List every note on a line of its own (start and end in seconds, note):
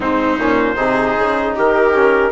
0.00 0.38 G#2
0.00 0.38 C4
0.00 0.75 D#4
0.00 1.56 C5
0.38 0.77 A#2
0.38 0.75 C#4
0.75 1.16 C3
0.75 1.92 D#4
0.75 1.54 G#4
1.18 1.57 C#3
1.55 2.31 D#3
1.55 2.31 G4
1.55 2.31 A#4
1.93 2.31 C#4